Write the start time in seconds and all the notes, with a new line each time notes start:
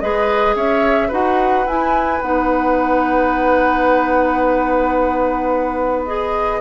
0.00 G#3 G#4 B4 D#5
0.56 C#4 C#5 E5
1.08 D#4 F#4 B4 F#5
1.66 E4 G#5
2.21 B3 D#4 F#5
6.06 G#4 D#5